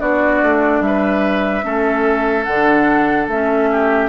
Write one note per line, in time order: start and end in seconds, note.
0.00 0.42 B3
0.00 1.63 D4
0.00 0.83 F#4
0.00 0.83 D5
0.43 0.80 A3
0.80 1.63 G3
0.80 2.44 E5
0.87 1.65 B4
1.63 2.47 A3
1.63 2.45 C#4
1.63 3.70 A4
2.44 3.28 D3
2.44 3.26 F#5
2.51 3.32 D4
3.28 4.09 A3
3.28 4.09 C#4
3.28 4.09 E5
3.71 4.09 G4